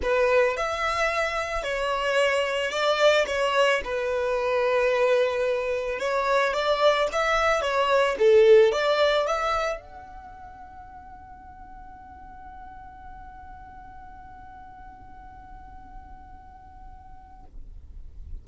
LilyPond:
\new Staff \with { instrumentName = "violin" } { \time 4/4 \tempo 4 = 110 b'4 e''2 cis''4~ | cis''4 d''4 cis''4 b'4~ | b'2. cis''4 | d''4 e''4 cis''4 a'4 |
d''4 e''4 fis''2~ | fis''1~ | fis''1~ | fis''1 | }